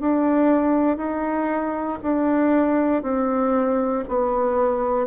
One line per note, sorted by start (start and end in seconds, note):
0.00 0.97 D4
0.97 1.98 D#4
2.02 3.02 D4
3.02 4.04 C4
4.08 5.06 B3